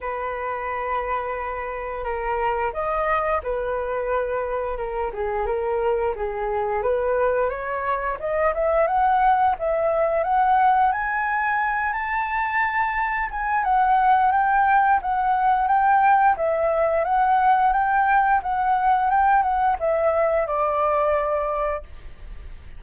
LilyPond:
\new Staff \with { instrumentName = "flute" } { \time 4/4 \tempo 4 = 88 b'2. ais'4 | dis''4 b'2 ais'8 gis'8 | ais'4 gis'4 b'4 cis''4 | dis''8 e''8 fis''4 e''4 fis''4 |
gis''4. a''2 gis''8 | fis''4 g''4 fis''4 g''4 | e''4 fis''4 g''4 fis''4 | g''8 fis''8 e''4 d''2 | }